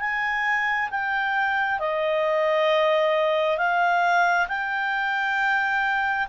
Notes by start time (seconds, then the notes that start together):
0.00 G#5
0.91 G5
1.80 D#5
3.58 F5
4.48 G5